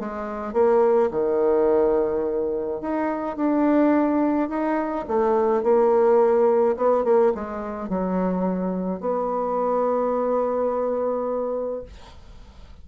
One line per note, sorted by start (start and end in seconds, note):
0.00 0.54 G#3
0.54 1.10 A#3
1.11 2.81 D#3
2.81 3.37 D#4
3.37 4.49 D4
4.49 5.06 D#4
5.08 5.63 A3
5.63 6.76 A#3
6.77 7.04 B3
7.04 7.33 A#3
7.35 7.90 G#3
7.90 9.01 F#3
9.01 11.84 B3